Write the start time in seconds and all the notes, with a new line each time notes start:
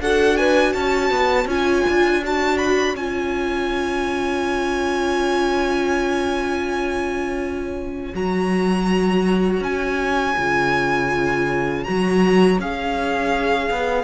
0.00 D4 F#4 A4 F#5
0.37 B4 G#5
0.73 C#4 C#5 A5
1.10 B3
1.45 C#4 F4 G#5
1.88 D4
2.23 F#4 A5
2.57 B5
2.94 C#4 F4 G#5
8.13 F#3 F#4 A#5
9.60 C#4 G#5
10.37 C#3 F4
11.83 F#3 F#4 A#5
12.59 C#4 G#4 F5
13.70 B3